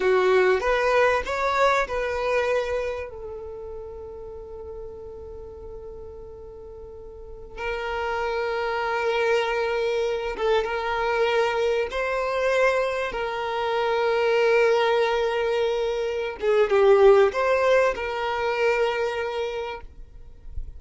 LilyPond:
\new Staff \with { instrumentName = "violin" } { \time 4/4 \tempo 4 = 97 fis'4 b'4 cis''4 b'4~ | b'4 a'2.~ | a'1~ | a'16 ais'2.~ ais'8.~ |
ais'8. a'8 ais'2 c''8.~ | c''4~ c''16 ais'2~ ais'8.~ | ais'2~ ais'8 gis'8 g'4 | c''4 ais'2. | }